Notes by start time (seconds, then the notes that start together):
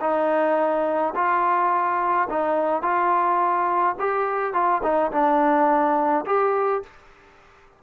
0.00 D#4
1.14 F4
2.29 D#4
2.82 F4
3.99 G4
4.53 F4
4.83 D#4
5.11 D4
6.25 G4